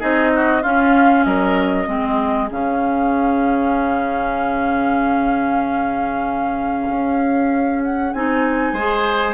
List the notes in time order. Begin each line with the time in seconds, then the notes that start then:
0.00 C4 D#4 G#4 D#5
0.36 F#4
0.62 C#4 F4 F5
1.24 F#3 A#4 D#5
1.86 G#3 C4 G#4
2.51 C#3 C#4 F5
6.89 C#4
7.84 F#5
8.13 C4 D#4 G#5
8.73 G#3 G#4 C5